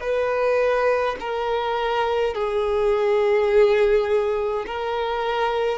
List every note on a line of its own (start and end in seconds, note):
0.00 1.15 B4
1.20 2.34 A#4
2.34 4.65 G#4
4.66 5.77 A#4